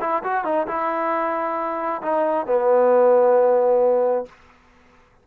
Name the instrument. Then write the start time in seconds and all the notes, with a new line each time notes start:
trombone
0.00 E4
0.23 F#4
0.44 D#4
0.67 E4
2.01 D#4
2.46 B3